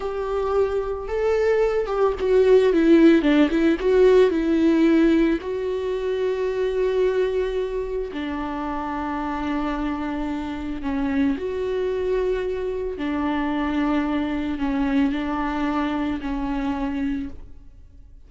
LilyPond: \new Staff \with { instrumentName = "viola" } { \time 4/4 \tempo 4 = 111 g'2 a'4. g'8 | fis'4 e'4 d'8 e'8 fis'4 | e'2 fis'2~ | fis'2. d'4~ |
d'1 | cis'4 fis'2. | d'2. cis'4 | d'2 cis'2 | }